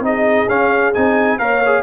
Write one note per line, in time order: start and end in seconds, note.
0.00 0.45 C4
0.00 0.47 D#4
0.00 1.40 G#4
0.00 0.49 D#5
0.48 0.93 C#4
0.48 0.94 C#4
0.48 0.93 F5
0.94 1.39 C4
0.94 1.39 D#4
0.94 1.38 G#5
1.38 1.82 A#3
1.38 1.61 A#4
1.38 1.82 C#5
1.38 1.82 F5
1.66 1.82 G#4